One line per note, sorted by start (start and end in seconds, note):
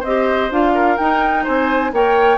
0.00 0.51 C4
0.00 0.71 C5
0.00 0.51 D#5
0.07 0.51 G4
0.51 0.98 D4
0.51 0.98 F4
0.51 0.97 F5
0.75 1.44 A#4
0.97 1.93 D#4
0.97 1.46 D#4
0.97 1.44 G5
1.44 1.92 C4
1.44 1.91 C5
1.44 1.93 G#5
1.92 2.38 A#3
1.92 2.38 A#4
1.92 2.38 C#5
1.92 2.38 G5